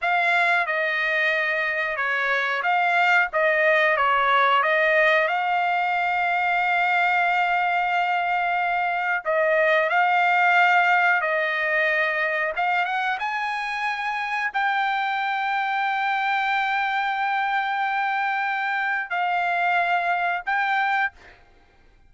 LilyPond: \new Staff \with { instrumentName = "trumpet" } { \time 4/4 \tempo 4 = 91 f''4 dis''2 cis''4 | f''4 dis''4 cis''4 dis''4 | f''1~ | f''2 dis''4 f''4~ |
f''4 dis''2 f''8 fis''8 | gis''2 g''2~ | g''1~ | g''4 f''2 g''4 | }